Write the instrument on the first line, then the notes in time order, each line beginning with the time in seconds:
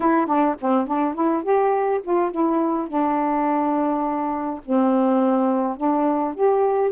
saxophone
0.00 E4
0.26 D4
0.60 C4
0.87 D4
1.14 E4
1.43 G4
2.02 F4
2.31 E4
2.87 D4
4.65 C4
5.76 D4
6.34 G4